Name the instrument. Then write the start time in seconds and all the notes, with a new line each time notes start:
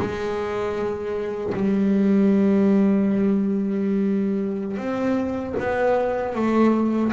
double bass
0.00 G#3
1.54 G3
4.78 C4
5.59 B3
6.35 A3